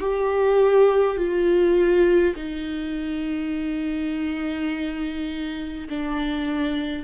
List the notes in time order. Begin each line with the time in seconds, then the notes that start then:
0.00 G4
1.17 F4
2.35 D#4
5.89 D4